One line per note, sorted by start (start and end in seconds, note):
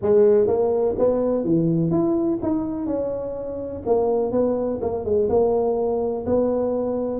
0.02 0.47 G#3
0.47 0.95 A#3
0.98 1.44 B3
1.44 1.91 E3
1.91 2.39 E4
2.42 2.86 D#4
2.86 3.82 C#4
3.85 4.31 A#3
4.31 4.79 B3
4.81 5.04 A#3
5.04 5.28 G#3
5.29 6.25 A#3
6.26 7.20 B3